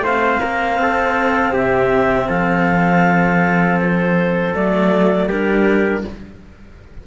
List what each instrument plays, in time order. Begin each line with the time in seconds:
0.00 cello A3 C4, trumpet C5, clarinet F5
0.41 cello A#3, trumpet A#4
0.79 cello C4, trumpet A4
1.53 cello C3, trumpet G4, clarinet E5
2.29 cello F3, trumpet A4, clarinet F5
3.81 clarinet C5
4.54 cello F#3 A3, clarinet D5
5.28 cello G3 D4, trumpet G4, clarinet A#4